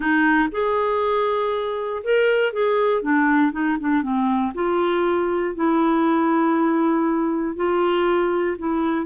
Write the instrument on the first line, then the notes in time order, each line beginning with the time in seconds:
clarinet
0.00 D#4
0.51 G#4
2.03 A#4
2.52 G#4
3.02 D4
3.52 D#4
3.79 D4
4.02 C4
4.54 F4
5.55 E4
7.56 F4
8.58 E4